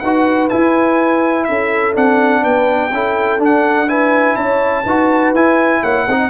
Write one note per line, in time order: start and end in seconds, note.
0.00 0.51 D#4
0.00 0.50 F#4
0.00 1.48 B4
0.00 0.48 F#5
0.50 1.94 E4
0.50 1.49 E4
0.50 1.45 G#5
1.45 1.97 C#4
1.45 2.42 A4
1.45 1.93 E5
1.94 2.45 C4
1.94 2.91 D4
1.94 2.44 F#5
2.42 2.92 B3
2.42 2.91 B4
2.42 3.41 G5
2.92 3.40 C#4
2.92 3.39 E4
2.92 3.89 A4
3.39 3.88 D4
3.39 4.36 D4
3.39 3.89 F#5
3.88 4.85 E4
3.88 4.37 B4
3.88 4.36 G#5
4.36 4.85 C#4
4.36 4.85 C#5
4.36 5.33 A5
4.85 5.34 D#4
4.85 5.36 F#4
4.85 5.81 B4
5.34 5.82 E4
5.34 6.08 E4
5.34 5.83 G#5
5.82 6.08 A#3
5.82 6.06 C#5
5.82 6.30 F#5
6.07 6.30 C4
6.07 6.30 D#4
6.07 6.30 D#5